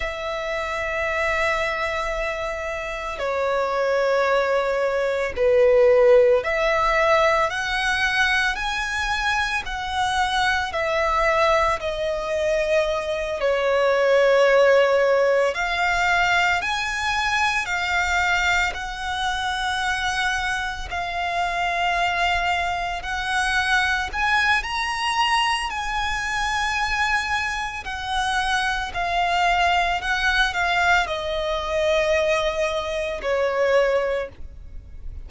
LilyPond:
\new Staff \with { instrumentName = "violin" } { \time 4/4 \tempo 4 = 56 e''2. cis''4~ | cis''4 b'4 e''4 fis''4 | gis''4 fis''4 e''4 dis''4~ | dis''8 cis''2 f''4 gis''8~ |
gis''8 f''4 fis''2 f''8~ | f''4. fis''4 gis''8 ais''4 | gis''2 fis''4 f''4 | fis''8 f''8 dis''2 cis''4 | }